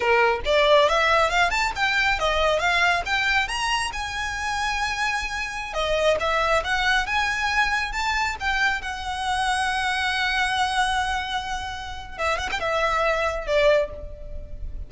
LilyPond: \new Staff \with { instrumentName = "violin" } { \time 4/4 \tempo 4 = 138 ais'4 d''4 e''4 f''8 a''8 | g''4 dis''4 f''4 g''4 | ais''4 gis''2.~ | gis''4~ gis''16 dis''4 e''4 fis''8.~ |
fis''16 gis''2 a''4 g''8.~ | g''16 fis''2.~ fis''8.~ | fis''1 | e''8 fis''16 g''16 e''2 d''4 | }